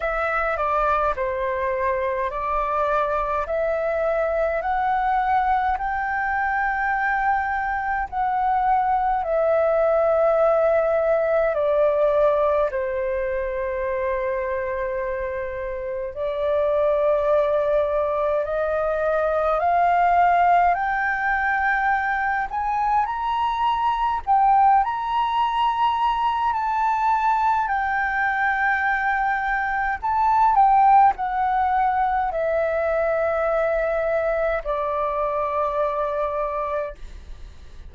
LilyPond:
\new Staff \with { instrumentName = "flute" } { \time 4/4 \tempo 4 = 52 e''8 d''8 c''4 d''4 e''4 | fis''4 g''2 fis''4 | e''2 d''4 c''4~ | c''2 d''2 |
dis''4 f''4 g''4. gis''8 | ais''4 g''8 ais''4. a''4 | g''2 a''8 g''8 fis''4 | e''2 d''2 | }